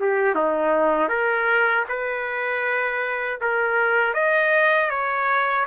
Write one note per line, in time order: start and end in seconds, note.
0.00 0.35 G4
0.35 1.09 D#4
1.09 1.85 A#4
1.88 3.40 B4
3.41 4.14 A#4
4.14 4.90 D#5
4.90 5.66 C#5